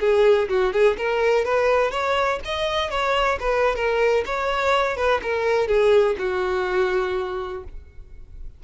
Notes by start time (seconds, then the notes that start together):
0.00 G#4
0.49 F#4
0.73 G#4
0.98 A#4
1.45 B4
1.91 C#5
2.45 D#5
2.90 C#5
3.40 B4
3.76 A#4
4.25 C#5
4.97 B4
5.23 A#4
5.67 G#4
6.18 F#4